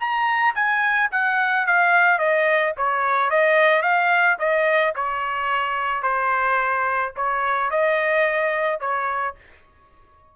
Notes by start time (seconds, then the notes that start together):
0.00 A#5
0.56 G#5
1.12 F#5
1.67 F5
2.19 D#5
2.77 C#5
3.31 D#5
3.83 F5
4.39 D#5
4.96 C#5
6.03 C5
7.17 C#5
7.71 D#5
8.80 C#5